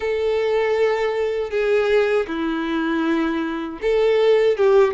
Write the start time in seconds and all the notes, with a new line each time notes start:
0.00 A4
1.50 G#4
2.27 E4
3.81 A4
4.57 G4